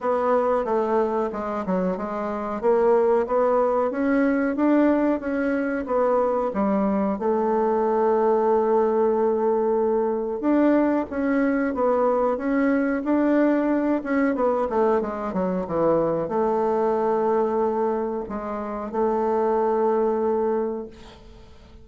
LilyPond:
\new Staff \with { instrumentName = "bassoon" } { \time 4/4 \tempo 4 = 92 b4 a4 gis8 fis8 gis4 | ais4 b4 cis'4 d'4 | cis'4 b4 g4 a4~ | a1 |
d'4 cis'4 b4 cis'4 | d'4. cis'8 b8 a8 gis8 fis8 | e4 a2. | gis4 a2. | }